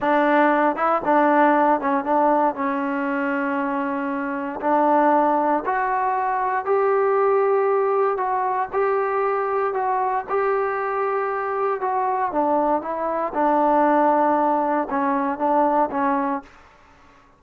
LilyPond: \new Staff \with { instrumentName = "trombone" } { \time 4/4 \tempo 4 = 117 d'4. e'8 d'4. cis'8 | d'4 cis'2.~ | cis'4 d'2 fis'4~ | fis'4 g'2. |
fis'4 g'2 fis'4 | g'2. fis'4 | d'4 e'4 d'2~ | d'4 cis'4 d'4 cis'4 | }